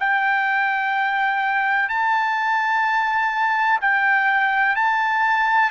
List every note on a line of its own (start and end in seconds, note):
0.00 1.90 G5
1.90 3.80 A5
3.81 4.76 G5
4.76 5.71 A5